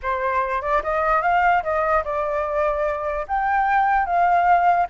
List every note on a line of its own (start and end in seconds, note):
0.02 0.61 C5
0.61 0.81 D5
0.83 1.22 D#5
1.22 1.62 F5
1.63 2.03 D#5
2.04 3.25 D5
3.27 4.05 G5
4.05 4.86 F5